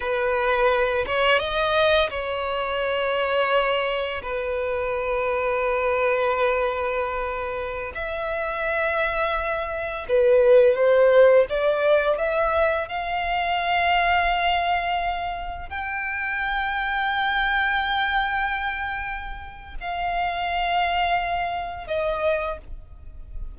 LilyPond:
\new Staff \with { instrumentName = "violin" } { \time 4/4 \tempo 4 = 85 b'4. cis''8 dis''4 cis''4~ | cis''2 b'2~ | b'2.~ b'16 e''8.~ | e''2~ e''16 b'4 c''8.~ |
c''16 d''4 e''4 f''4.~ f''16~ | f''2~ f''16 g''4.~ g''16~ | g''1 | f''2. dis''4 | }